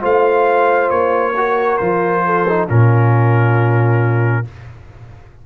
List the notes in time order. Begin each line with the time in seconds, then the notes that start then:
0.00 A3 F4 C5 F5
0.90 A#3 C#5
1.36 F#4 A#4
1.77 F3 F4 C5
2.25 A4
2.48 D#4
2.68 A#2 C#4 F4 A#4